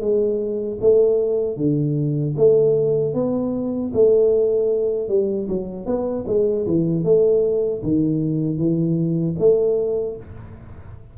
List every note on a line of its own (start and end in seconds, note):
0.00 0.78 G#3
0.80 1.56 A3
1.56 2.34 D3
2.36 3.13 A3
3.13 3.91 B3
3.93 5.08 A3
5.08 5.47 G3
5.48 5.85 F#3
5.85 6.24 B3
6.27 6.66 G#3
6.66 7.04 E3
7.04 7.82 A3
7.82 8.57 D#3
8.57 9.35 E3
9.38 10.16 A3